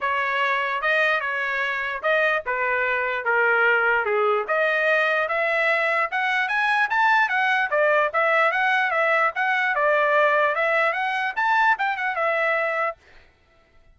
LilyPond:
\new Staff \with { instrumentName = "trumpet" } { \time 4/4 \tempo 4 = 148 cis''2 dis''4 cis''4~ | cis''4 dis''4 b'2 | ais'2 gis'4 dis''4~ | dis''4 e''2 fis''4 |
gis''4 a''4 fis''4 d''4 | e''4 fis''4 e''4 fis''4 | d''2 e''4 fis''4 | a''4 g''8 fis''8 e''2 | }